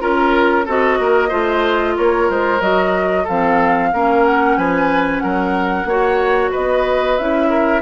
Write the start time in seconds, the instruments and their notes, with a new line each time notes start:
0.00 bassoon C#4, clarinet F4, oboe A#4, flute A#4
0.66 bassoon C4, clarinet F#4, oboe A4, flute D#5
0.99 bassoon A#3, oboe A#4
1.29 bassoon A3, clarinet F4, oboe C5
1.98 bassoon A#3, oboe A#4, flute C#5
2.30 bassoon G#3, flute C5
2.61 bassoon F#3, clarinet F#4, flute D#5
3.24 bassoon F3, clarinet C4, oboe A4, flute F5
3.93 bassoon A#3, clarinet C#4, oboe A#4
4.26 flute F#5
4.58 bassoon F3, oboe B4, flute G#5
5.20 bassoon F#3, oboe A#4, flute F#5
5.85 bassoon A#3, clarinet F#4, oboe C#5
6.52 bassoon B3, oboe B4, flute D#5
7.18 bassoon C#4, clarinet E4, flute E5
7.50 oboe A#4